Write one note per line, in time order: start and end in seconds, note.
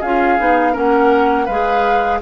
0.00 0.38 C#4
0.00 0.39 F4
0.00 0.72 G#4
0.00 0.75 F5
0.39 0.75 B3
0.39 0.73 D#4
0.72 1.48 A#3
0.72 1.46 C#4
0.72 1.45 A#4
0.72 1.46 F#5
1.45 2.21 G#3
1.45 2.21 G#4
1.45 2.18 B4
1.45 2.20 F5